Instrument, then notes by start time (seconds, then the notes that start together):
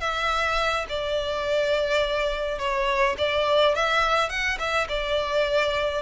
violin
0.00 E5
0.89 D5
2.59 C#5
3.18 D5
3.75 E5
4.29 F#5
4.59 E5
4.89 D5